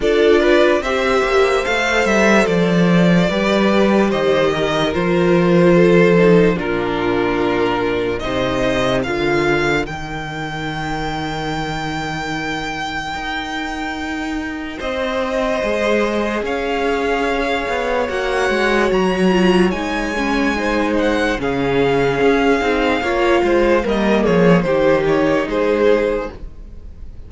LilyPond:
<<
  \new Staff \with { instrumentName = "violin" } { \time 4/4 \tempo 4 = 73 d''4 e''4 f''8 e''8 d''4~ | d''4 dis''4 c''2 | ais'2 dis''4 f''4 | g''1~ |
g''2 dis''2 | f''2 fis''4 ais''4 | gis''4. fis''8 f''2~ | f''4 dis''8 cis''8 c''8 cis''8 c''4 | }
  \new Staff \with { instrumentName = "violin" } { \time 4/4 a'8 b'8 c''2. | b'4 c''8 ais'4. a'4 | f'2 c''4 ais'4~ | ais'1~ |
ais'2 c''2 | cis''1~ | cis''4 c''4 gis'2 | cis''8 c''8 ais'8 gis'8 g'4 gis'4 | }
  \new Staff \with { instrumentName = "viola" } { \time 4/4 f'4 g'4 a'2 | g'2 f'4. dis'8 | d'2 dis'4 f'4 | dis'1~ |
dis'2. gis'4~ | gis'2 fis'4. f'8 | dis'8 cis'8 dis'4 cis'4. dis'8 | f'4 ais4 dis'2 | }
  \new Staff \with { instrumentName = "cello" } { \time 4/4 d'4 c'8 ais8 a8 g8 f4 | g4 dis4 f2 | ais,2 c4 d4 | dis1 |
dis'2 c'4 gis4 | cis'4. b8 ais8 gis8 fis4 | gis2 cis4 cis'8 c'8 | ais8 gis8 g8 f8 dis4 gis4 | }
>>